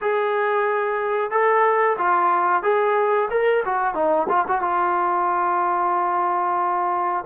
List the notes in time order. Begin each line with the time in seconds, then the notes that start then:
0.01 G#4
1.30 A4
1.98 F4
2.63 G#4
3.30 A#4
3.65 F#4
3.94 D#4
4.28 F4
4.47 F#4
4.61 F4